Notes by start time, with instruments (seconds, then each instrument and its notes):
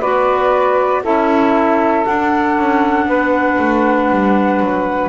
0.00 double bass B3, clarinet F#4, saxophone B4, flute D5
1.03 double bass C#4, clarinet E4, saxophone A4, flute E5
2.04 clarinet D4, double bass D4, flute F#5
2.57 double bass C#4
3.06 double bass B3, saxophone B4
3.58 double bass A3
4.10 double bass G3
4.60 double bass F#3